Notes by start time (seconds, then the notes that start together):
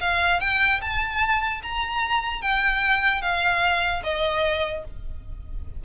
0.00 F5
0.40 G5
0.81 A5
1.63 A#5
2.41 G5
3.21 F5
4.03 D#5